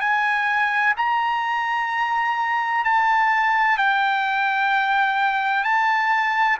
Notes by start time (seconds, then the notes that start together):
0.00 G#5
0.97 A#5
2.84 A5
3.78 G5
5.64 A5